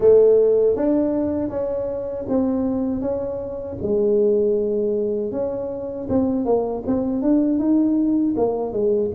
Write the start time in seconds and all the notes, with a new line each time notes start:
0.00 A3
0.76 D4
1.49 C#4
2.28 C4
3.01 C#4
3.82 G#3
5.31 C#4
6.09 C4
6.45 A#3
6.86 C4
7.22 D4
7.58 D#4
8.36 A#3
8.72 G#3